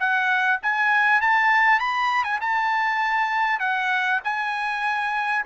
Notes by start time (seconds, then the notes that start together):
0.00 F#5
0.63 G#5
1.22 A5
1.80 B5
2.25 G#5
2.41 A5
3.60 F#5
4.25 G#5